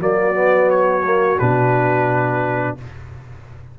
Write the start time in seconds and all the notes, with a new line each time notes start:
0.00 F#3 A#3 F#4 D5
0.33 B3
0.70 C#5
1.04 A#3
1.39 B2 D4 B4